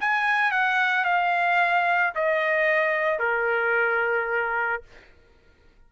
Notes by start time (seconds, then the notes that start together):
0.00 G#5
0.51 F#5
1.05 F5
2.15 D#5
3.19 A#4